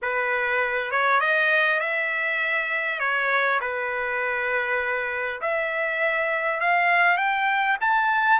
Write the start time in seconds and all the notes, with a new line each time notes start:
0.01 B4
0.91 C#5
1.20 D#5
1.79 E5
2.99 C#5
3.60 B4
5.41 E5
6.60 F5
7.17 G5
7.80 A5